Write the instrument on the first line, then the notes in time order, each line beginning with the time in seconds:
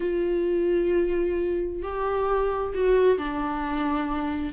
viola
0.00 F4
1.82 G4
2.74 F#4
3.18 D4